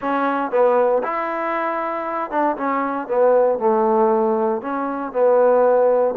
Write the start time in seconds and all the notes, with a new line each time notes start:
0.01 C#4
0.51 B3
1.03 E4
2.30 D4
2.56 C#4
3.07 B3
3.59 A3
4.61 C#4
5.12 B3